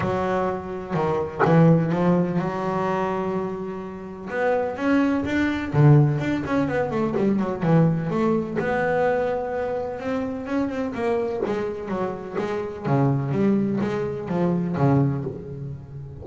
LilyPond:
\new Staff \with { instrumentName = "double bass" } { \time 4/4 \tempo 4 = 126 fis2 dis4 e4 | f4 fis2.~ | fis4 b4 cis'4 d'4 | d4 d'8 cis'8 b8 a8 g8 fis8 |
e4 a4 b2~ | b4 c'4 cis'8 c'8 ais4 | gis4 fis4 gis4 cis4 | g4 gis4 f4 cis4 | }